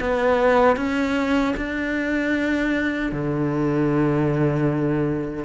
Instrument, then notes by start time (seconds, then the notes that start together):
cello
0.00 B3
0.77 C#4
1.57 D4
3.12 D3